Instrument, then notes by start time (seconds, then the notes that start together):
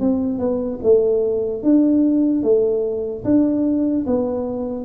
tuba
0.00 C4
0.39 B3
0.83 A3
1.63 D4
2.43 A3
3.25 D4
4.07 B3